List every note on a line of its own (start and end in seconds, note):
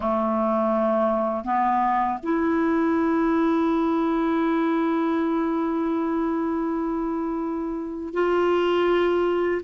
0.00 1.44 A3
1.44 2.18 B3
2.23 8.13 E4
8.13 9.61 F4